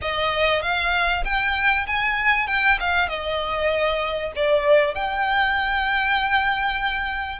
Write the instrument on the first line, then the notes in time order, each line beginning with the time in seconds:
violin
0.01 D#5
0.62 F5
1.24 G5
1.86 G#5
2.47 G5
2.80 F5
3.08 D#5
4.35 D5
4.94 G5